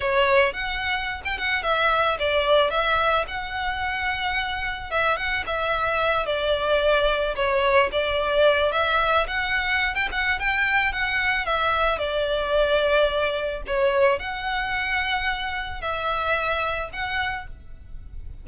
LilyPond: \new Staff \with { instrumentName = "violin" } { \time 4/4 \tempo 4 = 110 cis''4 fis''4~ fis''16 g''16 fis''8 e''4 | d''4 e''4 fis''2~ | fis''4 e''8 fis''8 e''4. d''8~ | d''4. cis''4 d''4. |
e''4 fis''4~ fis''16 g''16 fis''8 g''4 | fis''4 e''4 d''2~ | d''4 cis''4 fis''2~ | fis''4 e''2 fis''4 | }